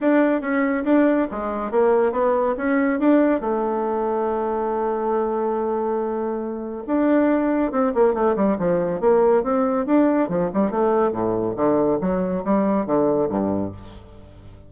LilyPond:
\new Staff \with { instrumentName = "bassoon" } { \time 4/4 \tempo 4 = 140 d'4 cis'4 d'4 gis4 | ais4 b4 cis'4 d'4 | a1~ | a1 |
d'2 c'8 ais8 a8 g8 | f4 ais4 c'4 d'4 | f8 g8 a4 a,4 d4 | fis4 g4 d4 g,4 | }